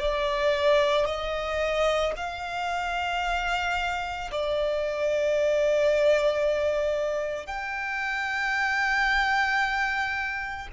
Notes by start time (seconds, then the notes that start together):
0.00 D5
1.06 D#5
2.17 F5
4.32 D5
7.47 G5